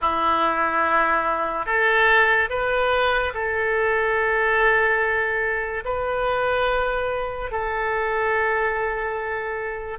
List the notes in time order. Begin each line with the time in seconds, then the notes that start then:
0.01 E4
1.66 A4
2.49 B4
3.33 A4
5.84 B4
7.51 A4